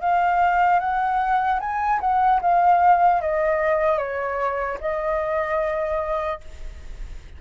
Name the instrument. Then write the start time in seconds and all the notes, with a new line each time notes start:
flute
0.00 F5
0.79 F#5
1.60 G#5
2.00 F#5
2.41 F5
3.21 D#5
3.98 C#5
4.80 D#5